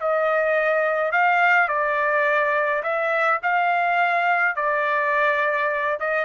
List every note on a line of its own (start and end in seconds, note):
0.00 1.12 D#5
1.12 1.68 F5
1.68 2.83 D5
2.83 3.41 E5
3.43 4.56 F5
4.56 5.99 D5
6.00 6.25 D#5